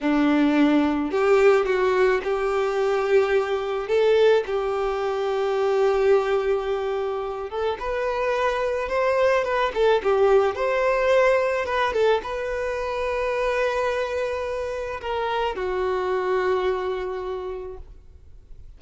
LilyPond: \new Staff \with { instrumentName = "violin" } { \time 4/4 \tempo 4 = 108 d'2 g'4 fis'4 | g'2. a'4 | g'1~ | g'4. a'8 b'2 |
c''4 b'8 a'8 g'4 c''4~ | c''4 b'8 a'8 b'2~ | b'2. ais'4 | fis'1 | }